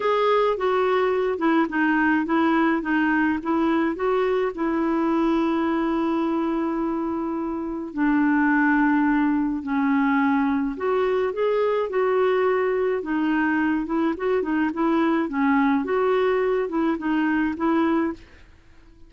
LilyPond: \new Staff \with { instrumentName = "clarinet" } { \time 4/4 \tempo 4 = 106 gis'4 fis'4. e'8 dis'4 | e'4 dis'4 e'4 fis'4 | e'1~ | e'2 d'2~ |
d'4 cis'2 fis'4 | gis'4 fis'2 dis'4~ | dis'8 e'8 fis'8 dis'8 e'4 cis'4 | fis'4. e'8 dis'4 e'4 | }